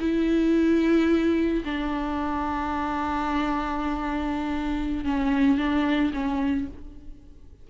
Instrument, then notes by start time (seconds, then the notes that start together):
viola
0.00 E4
1.65 D4
5.05 C#4
5.57 D4
6.13 C#4